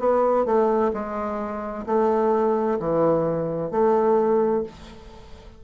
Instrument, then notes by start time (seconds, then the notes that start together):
bassoon
0.00 B3
0.46 A3
0.94 G#3
1.87 A3
2.80 E3
3.71 A3